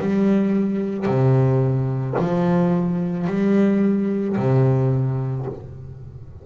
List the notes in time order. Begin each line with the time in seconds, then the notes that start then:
0.00 G3
1.06 C3
2.19 F3
3.27 G3
4.37 C3